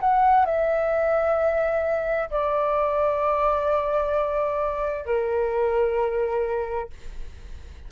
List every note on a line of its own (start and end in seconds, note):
0.00 0.45 F#5
0.45 2.30 E5
2.30 5.05 D5
5.05 6.90 A#4